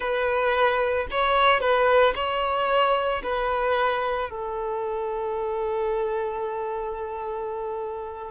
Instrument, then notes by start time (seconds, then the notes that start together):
violin
0.00 B4
1.10 C#5
1.60 B4
2.15 C#5
3.23 B4
4.30 A4